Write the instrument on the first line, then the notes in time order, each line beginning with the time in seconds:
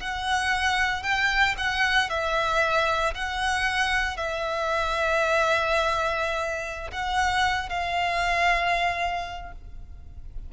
violin
0.00 F#5
1.03 G5
1.58 F#5
2.09 E5
3.14 F#5
4.17 E5
6.91 F#5
7.69 F5